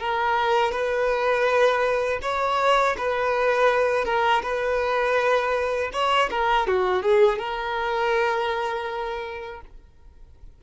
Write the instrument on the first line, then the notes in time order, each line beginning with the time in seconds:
violin
0.00 A#4
0.72 B4
2.23 C#5
2.98 B4
4.05 A#4
4.43 B4
5.93 C#5
6.31 A#4
6.68 F#4
7.03 G#4
7.39 A#4